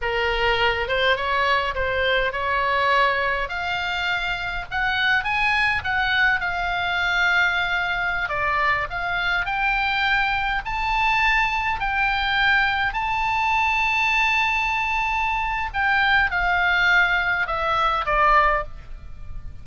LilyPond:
\new Staff \with { instrumentName = "oboe" } { \time 4/4 \tempo 4 = 103 ais'4. c''8 cis''4 c''4 | cis''2 f''2 | fis''4 gis''4 fis''4 f''4~ | f''2~ f''16 d''4 f''8.~ |
f''16 g''2 a''4.~ a''16~ | a''16 g''2 a''4.~ a''16~ | a''2. g''4 | f''2 e''4 d''4 | }